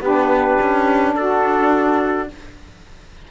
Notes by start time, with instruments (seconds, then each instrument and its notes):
0.00 cello B3, saxophone D4 G4, trumpet B4
0.61 cello C#4
1.16 cello D4, saxophone F#4, trumpet A4